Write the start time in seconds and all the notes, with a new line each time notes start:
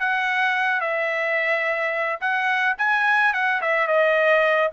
0.00 F#5
0.81 E5
2.21 F#5
2.78 G#5
3.34 F#5
3.62 E5
3.88 D#5